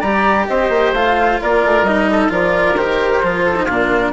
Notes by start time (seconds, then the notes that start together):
0.00 G3 G4 D5 A#5
0.48 C4 C5 D#5
0.69 A#3
0.94 A3 F4 F5
1.42 A#3 A#4 D5
1.65 A3
1.83 G3 D#4 D#5
2.11 A4
2.29 F3 F4 A#4 D5
2.76 D#3 G4 C5
3.23 F3 F4
3.45 A4
3.57 D#4
3.65 A#2 D4 F4 A#4